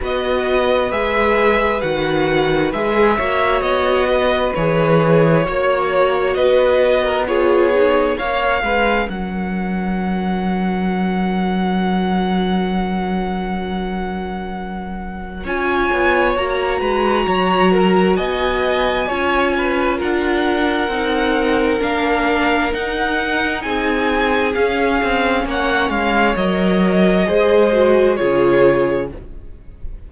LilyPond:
<<
  \new Staff \with { instrumentName = "violin" } { \time 4/4 \tempo 4 = 66 dis''4 e''4 fis''4 e''4 | dis''4 cis''2 dis''4 | cis''4 f''4 fis''2~ | fis''1~ |
fis''4 gis''4 ais''2 | gis''2 fis''2 | f''4 fis''4 gis''4 f''4 | fis''8 f''8 dis''2 cis''4 | }
  \new Staff \with { instrumentName = "violin" } { \time 4/4 b'2.~ b'8 cis''8~ | cis''8 b'4. cis''4 b'8. ais'16 | gis'4 cis''8 b'8 ais'2~ | ais'1~ |
ais'4 cis''4. b'8 cis''8 ais'8 | dis''4 cis''8 b'8 ais'2~ | ais'2 gis'2 | cis''2 c''4 gis'4 | }
  \new Staff \with { instrumentName = "viola" } { \time 4/4 fis'4 gis'4 fis'4 gis'8 fis'8~ | fis'4 gis'4 fis'2 | f'8 dis'8 cis'2.~ | cis'1~ |
cis'4 f'4 fis'2~ | fis'4 f'2 dis'4 | d'4 dis'2 cis'4~ | cis'4 ais'4 gis'8 fis'8 f'4 | }
  \new Staff \with { instrumentName = "cello" } { \time 4/4 b4 gis4 dis4 gis8 ais8 | b4 e4 ais4 b4~ | b4 ais8 gis8 fis2~ | fis1~ |
fis4 cis'8 b8 ais8 gis8 fis4 | b4 cis'4 d'4 c'4 | ais4 dis'4 c'4 cis'8 c'8 | ais8 gis8 fis4 gis4 cis4 | }
>>